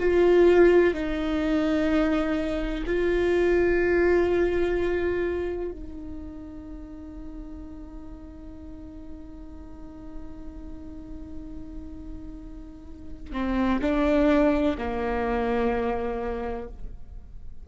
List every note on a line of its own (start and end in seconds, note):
0.00 0.94 F4
0.94 2.84 D#4
2.87 5.72 F4
5.72 13.33 D#4
13.33 13.81 C4
13.82 14.77 D4
14.78 16.69 A#3